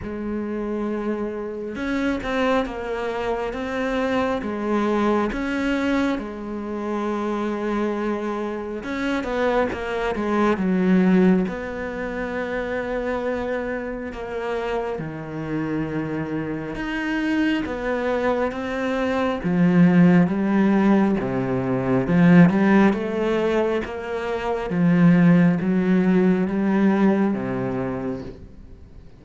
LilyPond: \new Staff \with { instrumentName = "cello" } { \time 4/4 \tempo 4 = 68 gis2 cis'8 c'8 ais4 | c'4 gis4 cis'4 gis4~ | gis2 cis'8 b8 ais8 gis8 | fis4 b2. |
ais4 dis2 dis'4 | b4 c'4 f4 g4 | c4 f8 g8 a4 ais4 | f4 fis4 g4 c4 | }